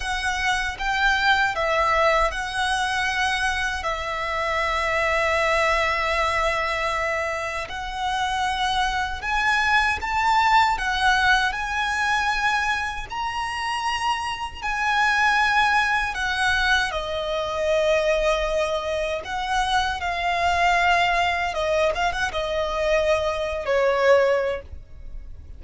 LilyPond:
\new Staff \with { instrumentName = "violin" } { \time 4/4 \tempo 4 = 78 fis''4 g''4 e''4 fis''4~ | fis''4 e''2.~ | e''2 fis''2 | gis''4 a''4 fis''4 gis''4~ |
gis''4 ais''2 gis''4~ | gis''4 fis''4 dis''2~ | dis''4 fis''4 f''2 | dis''8 f''16 fis''16 dis''4.~ dis''16 cis''4~ cis''16 | }